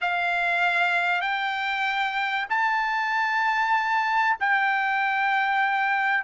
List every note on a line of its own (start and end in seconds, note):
0.01 1.21 F5
1.21 2.46 G5
2.49 4.37 A5
4.39 6.24 G5